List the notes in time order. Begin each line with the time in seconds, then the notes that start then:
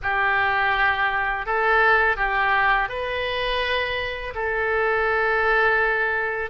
0.02 G4
1.46 A4
2.16 G4
2.88 B4
4.34 A4